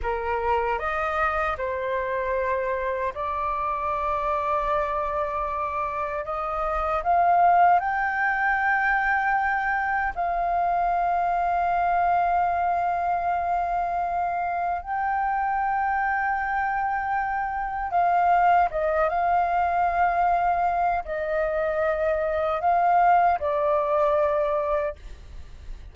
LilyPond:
\new Staff \with { instrumentName = "flute" } { \time 4/4 \tempo 4 = 77 ais'4 dis''4 c''2 | d''1 | dis''4 f''4 g''2~ | g''4 f''2.~ |
f''2. g''4~ | g''2. f''4 | dis''8 f''2~ f''8 dis''4~ | dis''4 f''4 d''2 | }